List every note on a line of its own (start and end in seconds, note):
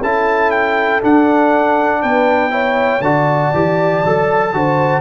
0.00 1.02 C#4
0.00 1.02 E4
0.00 2.00 A4
0.00 0.51 A5
0.51 1.01 G5
1.02 2.51 D4
1.02 2.03 D4
1.02 2.03 F#5
2.02 3.01 B3
2.02 2.52 B4
2.02 3.02 G5
2.51 3.01 E4
2.51 3.02 C#5
3.01 3.51 D3
3.01 3.54 F#4
3.01 4.52 D5
3.01 5.01 A5
3.54 4.04 E3
3.54 4.04 G4
4.05 4.54 F#3
4.05 4.54 A4
4.54 5.01 D3
4.54 5.01 F#4
4.54 5.01 C5